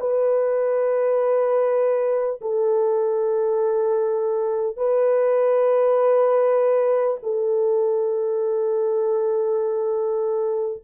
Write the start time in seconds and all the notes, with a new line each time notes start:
0.00 B4
2.41 A4
4.77 B4
7.23 A4